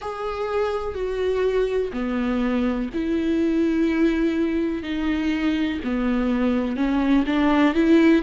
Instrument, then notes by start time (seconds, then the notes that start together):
viola
0.00 G#4
0.94 F#4
1.93 B3
2.93 E4
4.82 D#4
5.83 B3
6.76 C#4
7.26 D4
7.74 E4